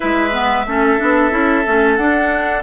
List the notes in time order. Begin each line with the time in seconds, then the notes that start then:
0.00 G#3 E4 B4 E5
0.32 B3
0.66 A3 C#4 A4
0.98 B3 D4
1.30 C#4 E4
1.65 A3 C#4
1.96 D4 F#5